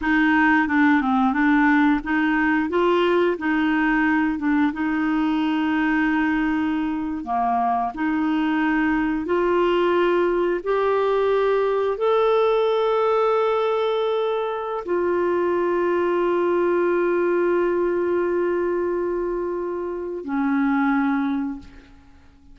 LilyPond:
\new Staff \with { instrumentName = "clarinet" } { \time 4/4 \tempo 4 = 89 dis'4 d'8 c'8 d'4 dis'4 | f'4 dis'4. d'8 dis'4~ | dis'2~ dis'8. ais4 dis'16~ | dis'4.~ dis'16 f'2 g'16~ |
g'4.~ g'16 a'2~ a'16~ | a'2 f'2~ | f'1~ | f'2 cis'2 | }